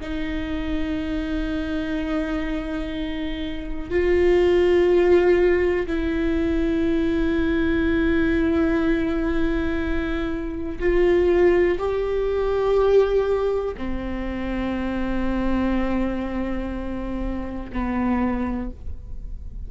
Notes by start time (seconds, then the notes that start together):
0.00 D#4
3.89 F4
5.87 E4
10.79 F4
11.78 G4
13.77 C4
17.72 B3